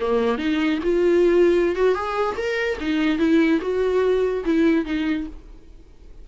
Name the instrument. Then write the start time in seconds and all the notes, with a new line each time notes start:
viola
0.00 A#3
0.38 D#4
0.83 F4
1.76 F#4
1.94 G#4
2.37 A#4
2.80 D#4
3.18 E4
3.61 F#4
4.45 E4
4.85 D#4